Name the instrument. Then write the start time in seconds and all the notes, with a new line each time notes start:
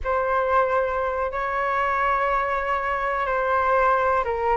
flute
0.04 C5
1.31 C#5
3.26 C5
4.24 A#4